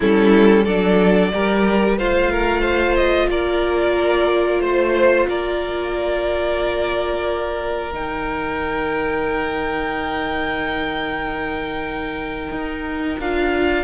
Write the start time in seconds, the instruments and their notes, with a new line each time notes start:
0.00 cello G3, viola C#4, violin E4 A4
0.64 cello F#3, viola D4, violin A4 D5
1.32 cello G3, viola G4, violin A#4
1.98 cello A3, viola F4, violin C5 F5
2.30 violin A#4
2.60 violin C5
2.96 violin D#5
3.29 cello A#3, violin A#4 D5
4.59 cello A3, violin C5
5.29 cello A#3, violin A#4 D5
7.92 cello D#3, viola D#4, violin G5
12.51 cello D#4
13.19 cello D4, viola F4, violin F5